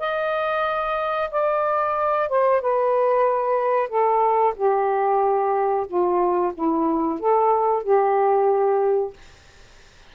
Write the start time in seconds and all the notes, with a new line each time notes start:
0.00 D#5
1.31 D5
2.29 C5
2.61 B4
3.89 A4
4.57 G4
5.88 F4
6.55 E4
7.20 A4
7.83 G4